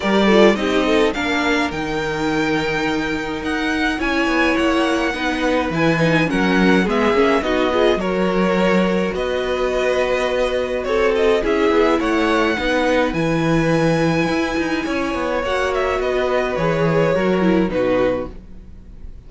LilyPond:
<<
  \new Staff \with { instrumentName = "violin" } { \time 4/4 \tempo 4 = 105 d''4 dis''4 f''4 g''4~ | g''2 fis''4 gis''4 | fis''2 gis''4 fis''4 | e''4 dis''4 cis''2 |
dis''2. cis''8 dis''8 | e''4 fis''2 gis''4~ | gis''2. fis''8 e''8 | dis''4 cis''2 b'4 | }
  \new Staff \with { instrumentName = "violin" } { \time 4/4 ais'8 a'8 g'8 a'8 ais'2~ | ais'2. cis''4~ | cis''4 b'2 ais'4 | gis'4 fis'8 gis'8 ais'2 |
b'2. a'4 | gis'4 cis''4 b'2~ | b'2 cis''2 | b'2 ais'4 fis'4 | }
  \new Staff \with { instrumentName = "viola" } { \time 4/4 g'8 f'8 dis'4 d'4 dis'4~ | dis'2. e'4~ | e'4 dis'4 e'8 dis'8 cis'4 | b8 cis'8 dis'8 f'8 fis'2~ |
fis'1 | e'2 dis'4 e'4~ | e'2. fis'4~ | fis'4 gis'4 fis'8 e'8 dis'4 | }
  \new Staff \with { instrumentName = "cello" } { \time 4/4 g4 c'4 ais4 dis4~ | dis2 dis'4 cis'8 b8 | ais4 b4 e4 fis4 | gis8 ais8 b4 fis2 |
b2. c'4 | cis'8 b8 a4 b4 e4~ | e4 e'8 dis'8 cis'8 b8 ais4 | b4 e4 fis4 b,4 | }
>>